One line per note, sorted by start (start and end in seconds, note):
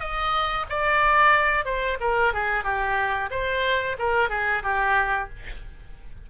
0.00 0.66 D#5
0.70 1.65 D5
1.65 1.98 C5
2.00 2.33 A#4
2.34 2.64 G#4
2.64 3.30 G4
3.31 3.97 C5
3.99 4.30 A#4
4.30 4.63 G#4
4.63 5.29 G4